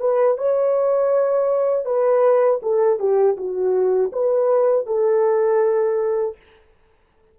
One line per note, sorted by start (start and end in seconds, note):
0.00 0.38 B4
0.38 1.85 C#5
1.85 2.60 B4
2.62 2.99 A4
2.99 3.36 G4
3.36 4.11 F#4
4.12 4.86 B4
4.86 6.36 A4